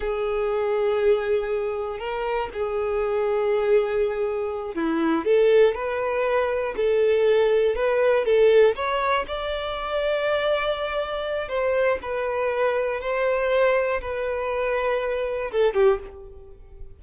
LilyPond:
\new Staff \with { instrumentName = "violin" } { \time 4/4 \tempo 4 = 120 gis'1 | ais'4 gis'2.~ | gis'4. e'4 a'4 b'8~ | b'4. a'2 b'8~ |
b'8 a'4 cis''4 d''4.~ | d''2. c''4 | b'2 c''2 | b'2. a'8 g'8 | }